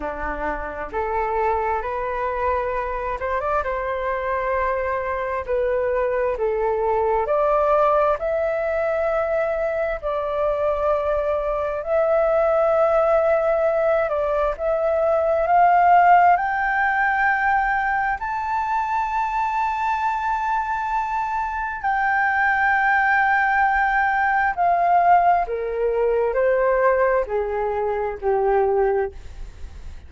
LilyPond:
\new Staff \with { instrumentName = "flute" } { \time 4/4 \tempo 4 = 66 d'4 a'4 b'4. c''16 d''16 | c''2 b'4 a'4 | d''4 e''2 d''4~ | d''4 e''2~ e''8 d''8 |
e''4 f''4 g''2 | a''1 | g''2. f''4 | ais'4 c''4 gis'4 g'4 | }